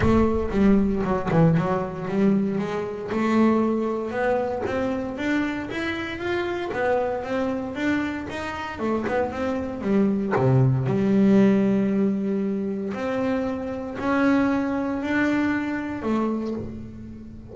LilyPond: \new Staff \with { instrumentName = "double bass" } { \time 4/4 \tempo 4 = 116 a4 g4 fis8 e8 fis4 | g4 gis4 a2 | b4 c'4 d'4 e'4 | f'4 b4 c'4 d'4 |
dis'4 a8 b8 c'4 g4 | c4 g2.~ | g4 c'2 cis'4~ | cis'4 d'2 a4 | }